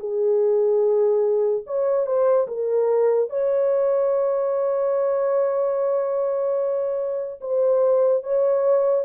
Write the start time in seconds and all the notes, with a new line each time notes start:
0.00 G#4
1.67 C#5
2.07 C5
2.48 A#4
3.30 C#5
7.41 C5
8.23 C#5